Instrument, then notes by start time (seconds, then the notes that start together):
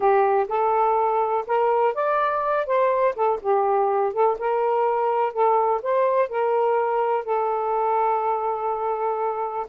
saxophone
0.00 G4
0.48 A4
1.46 A#4
1.94 D5
2.66 C5
3.15 A4
3.42 G4
4.13 A4
4.39 A#4
5.32 A4
5.82 C5
6.28 A#4
7.24 A4